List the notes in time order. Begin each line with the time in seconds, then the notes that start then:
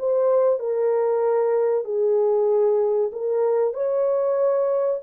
0.00 C5
0.60 A#4
1.85 G#4
3.13 A#4
3.74 C#5